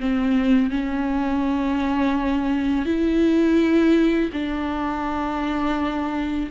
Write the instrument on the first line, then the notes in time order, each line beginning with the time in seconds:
viola
0.00 C4
0.71 C#4
2.86 E4
4.33 D4